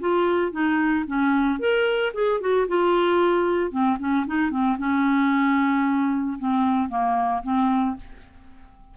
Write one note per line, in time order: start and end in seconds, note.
0.00 0.51 F4
0.51 1.05 D#4
1.07 1.59 C#4
1.59 2.12 A#4
2.14 2.40 G#4
2.40 2.67 F#4
2.67 3.71 F4
3.71 3.97 C4
3.99 4.26 C#4
4.26 4.50 D#4
4.50 4.77 C4
4.78 6.37 C#4
6.38 6.89 C4
6.89 7.42 A#3
7.43 7.96 C4